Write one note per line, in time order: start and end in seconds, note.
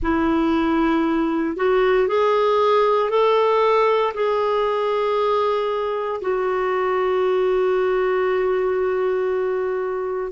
0.02 1.56 E4
1.56 2.07 F#4
2.08 3.09 G#4
3.09 4.13 A4
4.14 6.21 G#4
6.21 10.32 F#4